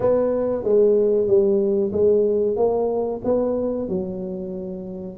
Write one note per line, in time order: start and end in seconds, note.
0.00 0.63 B3
0.63 1.27 G#3
1.27 1.91 G3
1.92 2.56 G#3
2.56 3.21 A#3
3.24 3.88 B3
3.88 5.17 F#3